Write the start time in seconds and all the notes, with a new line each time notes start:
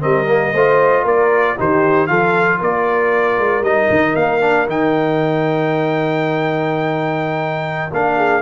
0.00 G3 C4 A#4 D#5
0.28 A#3
0.53 A3 F4 C5
1.04 A#3 A#4 D5
1.57 D#3 D#4 G4 C5
2.07 F3 F4 A4 F5
2.59 A#3 A#4 D5
3.39 G#3
3.61 G3 D#4 D#5
3.90 D#3
4.16 A#3 F5
4.41 D4
4.67 D#3 D#4 G5
7.92 A#3 D4 F5
8.16 G#4